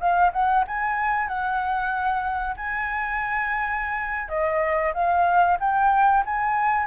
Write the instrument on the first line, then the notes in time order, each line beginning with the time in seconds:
flute
0.00 F5
0.32 F#5
0.67 G#5
1.27 F#5
2.56 G#5
4.29 D#5
4.94 F5
5.60 G5
6.25 G#5